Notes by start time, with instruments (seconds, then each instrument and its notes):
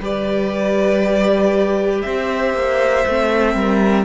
0.00 cello G3, viola G4, violin B4 D5
2.02 cello C4, violin C5 E5
2.54 cello A#3
3.07 cello A3, viola C4
3.55 cello G3, violin A#4